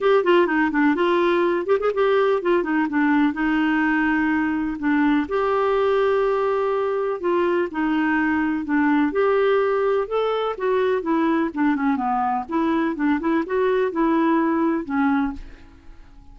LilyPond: \new Staff \with { instrumentName = "clarinet" } { \time 4/4 \tempo 4 = 125 g'8 f'8 dis'8 d'8 f'4. g'16 gis'16 | g'4 f'8 dis'8 d'4 dis'4~ | dis'2 d'4 g'4~ | g'2. f'4 |
dis'2 d'4 g'4~ | g'4 a'4 fis'4 e'4 | d'8 cis'8 b4 e'4 d'8 e'8 | fis'4 e'2 cis'4 | }